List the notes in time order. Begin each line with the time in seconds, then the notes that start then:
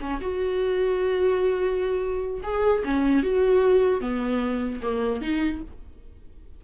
0.00 C#4
0.21 F#4
2.43 G#4
2.84 C#4
3.23 F#4
4.00 B3
4.82 A#3
5.21 D#4